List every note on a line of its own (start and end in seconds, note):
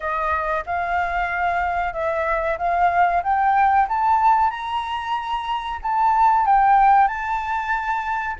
0.00 0.64 D#5
0.66 1.93 F5
1.93 2.57 E5
2.58 3.22 F5
3.23 3.87 G5
3.88 4.50 A5
4.50 5.79 A#5
5.82 6.45 A5
6.45 7.07 G5
7.07 8.36 A5